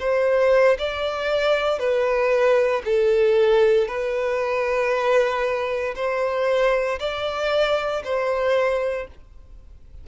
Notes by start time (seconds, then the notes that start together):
0.00 C5
0.79 D5
1.79 B4
2.85 A4
3.88 B4
5.95 C5
6.99 D5
8.04 C5